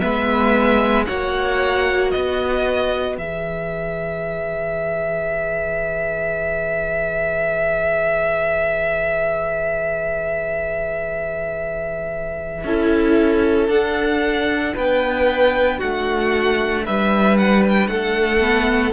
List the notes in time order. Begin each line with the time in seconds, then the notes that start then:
0.00 G#3 B3 B4 E5
1.06 A#3 F#4 C#5 F#5
2.10 B3 B4 D#5
3.17 E3 G#4 E5
12.64 C#4 E4 A4
13.68 D4 F#5
14.74 B3 B4 G5
15.78 A3 F#4 F#5
16.85 G3 B4 E5
17.37 F#5
17.69 G5
17.87 A3 A4 F#5
18.40 B3